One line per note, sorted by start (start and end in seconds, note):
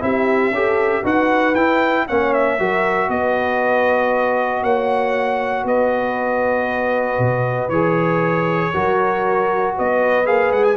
0.00 0.51 C4
0.00 0.51 E4
0.00 0.54 G4
0.00 1.05 E5
0.51 1.02 C#4
0.51 1.03 G4
0.51 1.02 A4
1.02 1.55 D#4
1.02 1.55 F#4
1.02 2.05 B4
1.02 1.55 F#5
1.55 2.06 E4
1.55 2.08 E4
1.55 2.06 G5
2.08 2.59 A#3
2.08 2.59 C#4
2.08 2.59 C#5
2.08 2.33 F#5
2.33 3.10 E5
2.59 3.09 F#3
2.59 7.71 F#4
2.59 3.08 A#4
3.08 4.62 B3
3.08 4.62 B4
3.08 4.63 D#5
4.62 5.64 A#3
4.62 5.65 C#5
4.62 5.66 F#5
5.64 7.18 B3
5.64 8.72 B4
5.64 7.69 D#5
7.18 7.68 B2
7.68 8.71 E3
7.68 8.73 G#4
7.68 9.74 C#5
8.72 9.77 F#3
8.72 10.25 F#4
8.72 9.75 A#4
9.76 10.28 B3
9.76 10.77 B4
9.76 10.26 D#5
10.25 10.51 A#3
10.25 10.76 G#4
10.25 10.52 F5
10.51 10.77 G#3
10.51 10.64 F#5
10.64 10.77 G#5